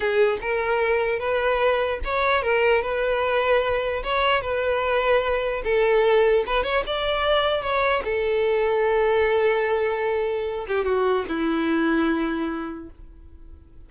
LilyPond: \new Staff \with { instrumentName = "violin" } { \time 4/4 \tempo 4 = 149 gis'4 ais'2 b'4~ | b'4 cis''4 ais'4 b'4~ | b'2 cis''4 b'4~ | b'2 a'2 |
b'8 cis''8 d''2 cis''4 | a'1~ | a'2~ a'8 g'8 fis'4 | e'1 | }